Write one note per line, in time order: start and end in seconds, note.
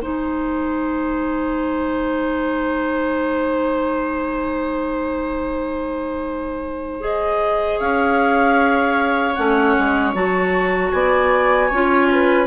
0.00 7.79 G#3
0.00 7.00 D#4
0.00 7.79 C5
0.00 7.01 G#5
7.00 9.34 G#4
7.00 7.79 D#5
7.79 9.35 C#4
7.79 10.91 C#5
7.79 9.34 F5
9.34 9.76 A3
9.34 10.14 C#4
9.34 10.12 F#5
9.78 10.14 G#3
10.14 10.92 F#3
10.14 11.70 F#4
10.14 10.91 A5
10.91 11.70 B3
10.91 11.68 D5
10.91 12.46 G#5
11.68 12.46 C#4
11.68 12.46 F4
11.68 12.07 C#5
12.11 12.46 B4